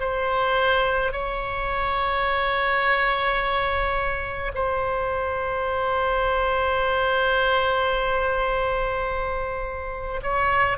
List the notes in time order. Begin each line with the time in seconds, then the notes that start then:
0.00 C5
1.12 C#5
4.55 C5
10.22 C#5